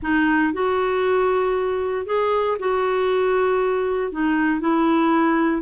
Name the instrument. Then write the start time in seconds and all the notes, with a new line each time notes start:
clarinet
0.02 D#4
0.53 F#4
2.06 G#4
2.59 F#4
4.11 D#4
4.60 E4